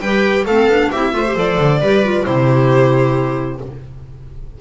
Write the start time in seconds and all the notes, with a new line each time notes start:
0.00 G3 G4 B4 G5
0.45 A3 C4 A4 F5
0.67 B3 D4
0.91 C4 E4 G4 E5
1.13 A3 F4 C5
1.27 G4
1.35 F3 A4 D5
1.58 D3
1.81 G3 G4 B4
2.04 F4
2.25 C3 E4 G4 C5